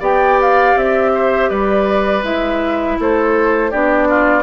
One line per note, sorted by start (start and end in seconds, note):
0.00 0.75 B3
0.00 2.23 G4
0.00 1.11 D5
0.00 0.41 G5
0.41 0.78 F5
0.76 1.50 C4
0.76 1.50 E5
1.15 1.50 C5
1.50 2.24 G3
1.50 2.98 B4
1.50 2.24 D5
2.23 2.98 G#3
2.23 3.72 E4
2.23 2.99 E5
2.99 3.73 A3
2.99 3.71 A4
2.99 3.71 C5
3.71 4.43 B3
3.71 4.43 D4
3.71 4.08 G4
3.71 4.43 D5
4.09 4.43 F4